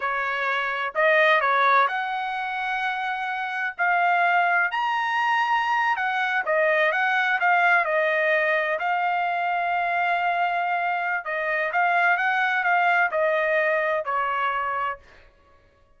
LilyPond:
\new Staff \with { instrumentName = "trumpet" } { \time 4/4 \tempo 4 = 128 cis''2 dis''4 cis''4 | fis''1 | f''2 ais''2~ | ais''8. fis''4 dis''4 fis''4 f''16~ |
f''8. dis''2 f''4~ f''16~ | f''1 | dis''4 f''4 fis''4 f''4 | dis''2 cis''2 | }